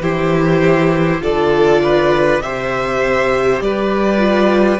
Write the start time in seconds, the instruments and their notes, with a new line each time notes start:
0.00 cello E3, viola E4, violin G4 C5
1.20 cello D3, viola F4, violin A4 D5
1.82 violin B4
2.39 cello C3, viola G4, violin C5 E5
3.60 cello G3, violin B4 D5
4.17 viola F4